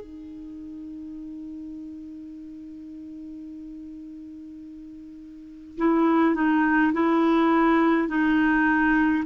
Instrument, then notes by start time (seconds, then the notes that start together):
clarinet
0.00 D#4
5.77 E4
6.35 D#4
6.93 E4
8.08 D#4